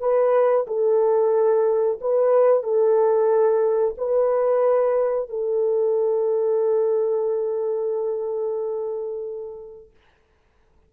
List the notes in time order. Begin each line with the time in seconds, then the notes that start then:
0.00 B4
0.67 A4
2.01 B4
2.63 A4
3.98 B4
5.29 A4